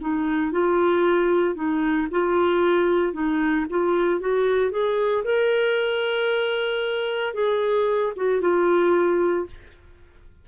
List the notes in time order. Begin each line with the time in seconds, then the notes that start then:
0.00 D#4
0.51 F4
1.55 D#4
2.11 F4
3.13 D#4
3.69 F4
4.20 F#4
4.71 G#4
5.24 A#4
7.33 G#4
8.16 F#4
8.41 F4